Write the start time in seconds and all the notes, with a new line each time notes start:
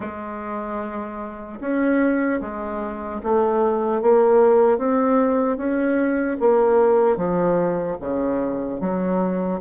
0.00 G#3
1.60 C#4
2.40 G#3
3.23 A3
4.01 A#3
4.77 C4
5.57 C#4
6.40 A#3
7.16 F3
8.00 C#3
8.80 F#3